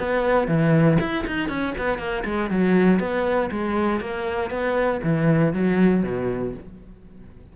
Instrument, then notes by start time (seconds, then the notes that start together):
cello
0.00 B3
0.48 E3
1.01 E4
1.27 D#4
1.49 C#4
1.79 B3
1.99 A#3
2.25 G#3
2.51 F#3
3.00 B3
3.52 G#3
4.01 A#3
4.51 B3
5.04 E3
5.53 F#3
6.04 B2